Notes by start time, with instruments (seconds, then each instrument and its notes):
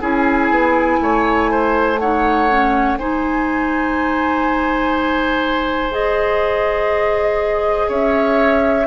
0.00 bassoon C#4, clarinet E4, oboe G#4, flute G#5
0.50 bassoon B3
1.00 bassoon A3, oboe C#5
1.51 oboe C5
1.99 clarinet D#4, oboe C#5, flute F#5
2.49 clarinet C#4
2.97 bassoon G#3, clarinet D#4, oboe C5, flute G#5
5.91 clarinet G#4, flute D#5
7.88 bassoon C#4, oboe C#5, flute E5